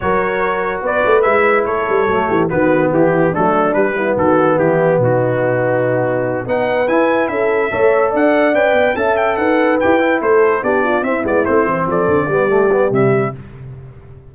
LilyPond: <<
  \new Staff \with { instrumentName = "trumpet" } { \time 4/4 \tempo 4 = 144 cis''2 d''4 e''4 | cis''2 b'4 g'4 | a'4 b'4 a'4 g'4 | fis'2.~ fis'8 fis''8~ |
fis''8 gis''4 e''2 fis''8~ | fis''8 g''4 a''8 g''8 fis''4 g''8~ | g''8 c''4 d''4 e''8 d''8 c''8~ | c''8 d''2~ d''8 e''4 | }
  \new Staff \with { instrumentName = "horn" } { \time 4/4 ais'2 b'2 | a'4. g'8 fis'4 e'4 | d'4. e'8 fis'4 e'4 | dis'2.~ dis'8 b'8~ |
b'4. a'4 cis''4 d''8~ | d''4. e''4 b'4.~ | b'8 a'4 g'8 f'8 e'4.~ | e'8 a'4 g'2~ g'8 | }
  \new Staff \with { instrumentName = "trombone" } { \time 4/4 fis'2. e'4~ | e'4 a4 b2 | a4 g8 b2~ b8~ | b2.~ b8 dis'8~ |
dis'8 e'2 a'4.~ | a'8 b'4 a'2 g'8 | e'4. d'4 c'8 b8 c'8~ | c'4. b8 a8 b8 g4 | }
  \new Staff \with { instrumentName = "tuba" } { \time 4/4 fis2 b8 a8 gis4 | a8 g8 fis8 e8 dis4 e4 | fis4 g4 dis4 e4 | b,2.~ b,8 b8~ |
b8 e'4 cis'4 a4 d'8~ | d'8 cis'8 b8 cis'4 dis'4 e'8~ | e'8 a4 b4 c'8 gis8 a8 | e8 f8 d8 g4. c4 | }
>>